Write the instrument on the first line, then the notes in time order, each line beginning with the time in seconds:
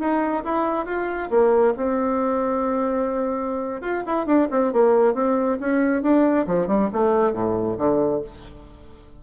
bassoon
0.00 D#4
0.45 E4
0.86 F4
1.30 A#3
1.77 C4
3.82 F4
4.07 E4
4.26 D4
4.51 C4
4.73 A#3
5.15 C4
5.60 C#4
6.03 D4
6.47 F3
6.68 G3
6.93 A3
7.33 A2
7.78 D3